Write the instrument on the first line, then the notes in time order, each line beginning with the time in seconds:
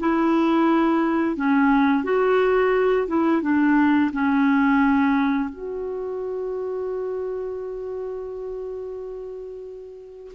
clarinet
0.00 E4
1.36 C#4
2.04 F#4
3.08 E4
3.42 D4
4.13 C#4
5.50 F#4